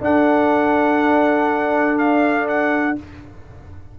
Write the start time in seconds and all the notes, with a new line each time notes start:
0.00 D4 A4 F#5
1.98 F5
2.47 F#5